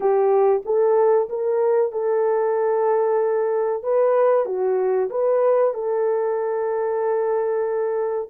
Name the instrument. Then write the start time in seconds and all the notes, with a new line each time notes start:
horn
0.00 G4
0.65 A4
1.29 A#4
1.91 A4
3.83 B4
4.45 F#4
5.09 B4
5.74 A4